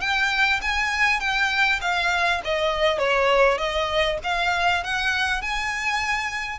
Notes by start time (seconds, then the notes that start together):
0.00 G5
0.61 G#5
1.19 G5
1.81 F5
2.44 D#5
2.98 C#5
3.58 D#5
4.23 F5
4.83 F#5
5.41 G#5